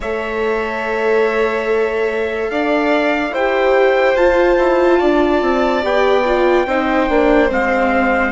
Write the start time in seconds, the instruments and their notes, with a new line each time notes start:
0.00 bassoon A3, viola A4, violin C#5, trumpet E5
2.50 bassoon D4, violin D5, trumpet F5
3.30 bassoon E4, viola G4, violin C5, trumpet G5
4.15 bassoon F4, viola F4, trumpet A5
4.57 bassoon E4
4.99 bassoon D4, violin D5
5.41 bassoon C4
5.82 bassoon B3, viola G4, trumpet G5
6.24 viola F4
6.66 bassoon C4, viola D#4, violin C5
7.09 bassoon A#3, viola D4
7.48 bassoon G#3, viola C4, trumpet F5